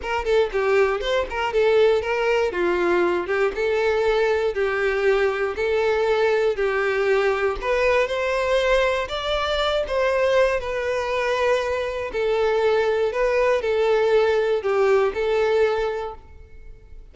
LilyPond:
\new Staff \with { instrumentName = "violin" } { \time 4/4 \tempo 4 = 119 ais'8 a'8 g'4 c''8 ais'8 a'4 | ais'4 f'4. g'8 a'4~ | a'4 g'2 a'4~ | a'4 g'2 b'4 |
c''2 d''4. c''8~ | c''4 b'2. | a'2 b'4 a'4~ | a'4 g'4 a'2 | }